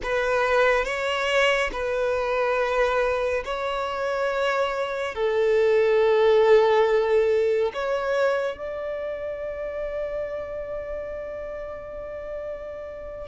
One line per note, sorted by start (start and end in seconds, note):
0.02 0.85 B4
0.85 1.70 C#5
1.72 3.43 B4
3.44 5.14 C#5
5.14 7.71 A4
7.73 8.57 C#5
8.57 13.27 D5